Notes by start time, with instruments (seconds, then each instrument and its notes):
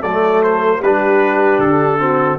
0.00 tuba F#3, trombone A3, horn A4, trumpet D5
0.42 trumpet C5
0.79 tuba G3, trombone D4, horn G4, trumpet B4
1.59 tuba D3, trumpet A4
1.99 trombone C4, horn F#4